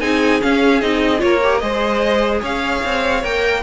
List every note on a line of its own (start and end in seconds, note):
0.00 0.40 C4
0.00 0.40 D#4
0.00 1.22 G#4
0.00 0.40 G#5
0.40 0.81 C#4
0.40 0.82 C#4
0.40 0.81 F5
0.81 1.22 C4
0.81 1.18 D#4
0.81 1.20 D#5
1.18 1.62 A#3
1.18 1.38 F4
1.18 1.62 A#4
1.18 1.58 C#5
1.43 1.62 G4
1.58 2.42 G#3
1.58 3.23 G#4
1.58 2.40 C5
1.58 2.39 D#5
2.40 2.83 C#4
2.40 3.61 C#5
2.40 3.24 F5
2.84 3.23 C4
3.23 3.62 A#3
3.23 3.62 A#4
3.23 3.62 G5